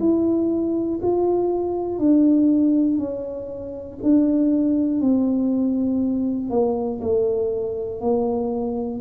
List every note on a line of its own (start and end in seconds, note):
0.00 1.00 E4
1.02 1.99 F4
1.99 2.99 D4
2.99 3.99 C#4
4.03 5.01 D4
5.01 6.50 C4
6.50 7.00 A#3
7.01 8.01 A3
8.01 9.01 A#3